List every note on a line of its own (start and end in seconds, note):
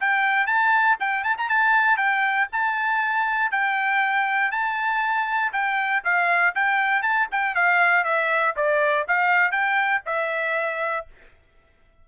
0.00 0.47 G5
0.47 0.97 A5
1.00 1.24 G5
1.24 1.36 A5
1.38 1.49 A#5
1.49 1.97 A5
1.97 2.48 G5
2.52 3.52 A5
3.52 4.51 G5
4.51 5.52 A5
5.53 6.03 G5
6.04 6.54 F5
6.55 7.02 G5
7.02 7.27 A5
7.31 7.55 G5
7.55 8.04 F5
8.04 8.54 E5
8.56 9.06 D5
9.08 9.51 F5
9.51 10.02 G5
10.06 11.06 E5